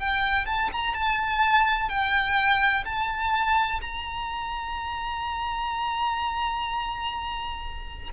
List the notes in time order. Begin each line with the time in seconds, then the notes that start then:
0.00 G5
0.46 A5
0.73 A#5
0.95 A5
1.90 G5
2.85 A5
3.82 A#5